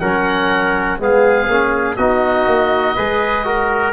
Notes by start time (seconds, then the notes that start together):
0.00 F#3 C#4 A#4 F#5
0.99 G#3 B3 G#4 F5
1.48 A#3 C#4
1.96 B3 D#4 F#4 D#5
2.47 A#3
2.96 G#3 G#4 B4
3.45 F#4 A#4